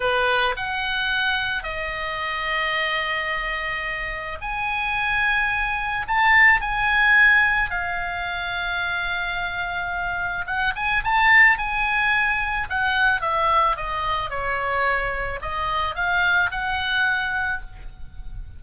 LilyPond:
\new Staff \with { instrumentName = "oboe" } { \time 4/4 \tempo 4 = 109 b'4 fis''2 dis''4~ | dis''1 | gis''2. a''4 | gis''2 f''2~ |
f''2. fis''8 gis''8 | a''4 gis''2 fis''4 | e''4 dis''4 cis''2 | dis''4 f''4 fis''2 | }